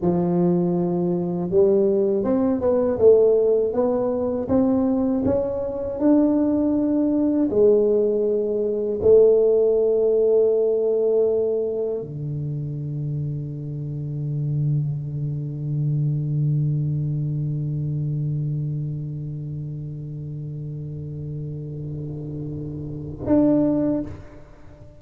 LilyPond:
\new Staff \with { instrumentName = "tuba" } { \time 4/4 \tempo 4 = 80 f2 g4 c'8 b8 | a4 b4 c'4 cis'4 | d'2 gis2 | a1 |
d1~ | d1~ | d1~ | d2. d'4 | }